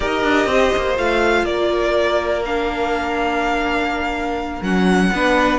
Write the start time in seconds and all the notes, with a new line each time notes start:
0.00 D#4 G4 A#4 D#5
0.23 D4
0.46 C4 C5
0.76 A#3
0.96 A3 F4 F5
1.43 A#3 A#4 D5
2.45 D4 F5
4.62 F#3 C#4 F#5
5.12 B3 D4 B4